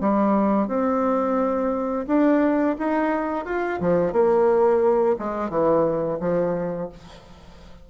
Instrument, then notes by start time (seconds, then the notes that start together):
bassoon
0.00 G3
0.67 C4
2.07 D4
2.78 D#4
3.45 F4
3.80 F3
4.12 A#3
5.18 G#3
5.50 E3
6.20 F3